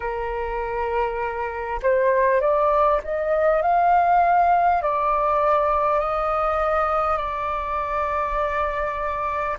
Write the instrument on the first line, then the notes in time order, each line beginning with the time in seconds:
flute
0.00 A#4
1.82 C5
2.41 D5
3.03 D#5
3.62 F5
4.82 D5
5.99 D#5
7.17 D5